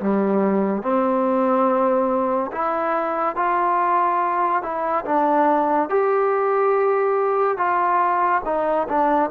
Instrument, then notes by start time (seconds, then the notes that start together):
trombone
0.00 G3
0.82 C4
2.52 E4
3.36 F4
4.62 E4
5.05 D4
5.89 G4
7.57 F4
8.45 D#4
8.88 D4